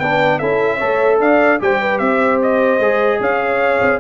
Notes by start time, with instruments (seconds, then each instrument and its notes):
0.00 tuba B3, trombone D4, horn B4, trumpet G5
0.39 tuba C#4, trombone E4, horn A4, trumpet E5
0.77 tuba A3, trombone A4, horn C#5
1.20 tuba D4, horn D5, trumpet F5
1.60 tuba G3, trombone G4, horn C5, trumpet G5
1.81 horn B4
1.99 tuba C4, horn C5, trumpet E5
2.42 trumpet D#5
2.80 tuba G#3, trombone G#4
3.21 tuba C#4, horn C#5, trumpet F5
3.81 tuba C4